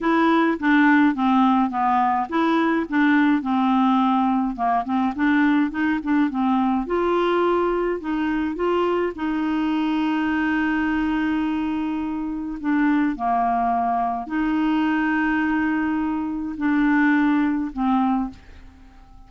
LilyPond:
\new Staff \with { instrumentName = "clarinet" } { \time 4/4 \tempo 4 = 105 e'4 d'4 c'4 b4 | e'4 d'4 c'2 | ais8 c'8 d'4 dis'8 d'8 c'4 | f'2 dis'4 f'4 |
dis'1~ | dis'2 d'4 ais4~ | ais4 dis'2.~ | dis'4 d'2 c'4 | }